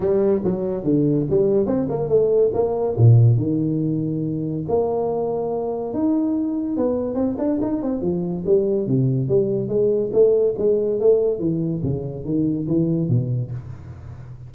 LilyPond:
\new Staff \with { instrumentName = "tuba" } { \time 4/4 \tempo 4 = 142 g4 fis4 d4 g4 | c'8 ais8 a4 ais4 ais,4 | dis2. ais4~ | ais2 dis'2 |
b4 c'8 d'8 dis'8 c'8 f4 | g4 c4 g4 gis4 | a4 gis4 a4 e4 | cis4 dis4 e4 b,4 | }